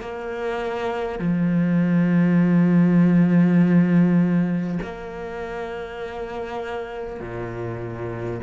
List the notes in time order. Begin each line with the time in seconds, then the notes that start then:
0.00 A#3
1.19 F3
4.82 A#3
7.20 A#2